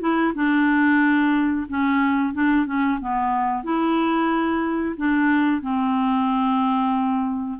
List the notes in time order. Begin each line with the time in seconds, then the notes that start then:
0.00 E4
0.35 D4
1.69 C#4
2.33 D4
2.66 C#4
3.00 B3
3.64 E4
4.97 D4
5.61 C4